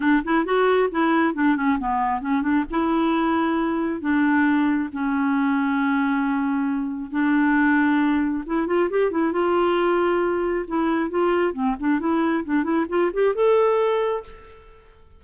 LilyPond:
\new Staff \with { instrumentName = "clarinet" } { \time 4/4 \tempo 4 = 135 d'8 e'8 fis'4 e'4 d'8 cis'8 | b4 cis'8 d'8 e'2~ | e'4 d'2 cis'4~ | cis'1 |
d'2. e'8 f'8 | g'8 e'8 f'2. | e'4 f'4 c'8 d'8 e'4 | d'8 e'8 f'8 g'8 a'2 | }